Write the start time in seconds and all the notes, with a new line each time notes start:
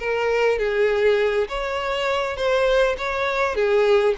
0.00 A#4
0.59 G#4
1.49 C#5
2.37 C5
2.98 C#5
3.56 G#4